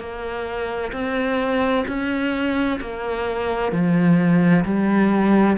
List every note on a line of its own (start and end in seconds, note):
0.00 0.92 A#3
0.93 1.85 C4
1.88 2.80 C#4
2.81 3.72 A#3
3.72 4.64 F3
4.65 5.57 G3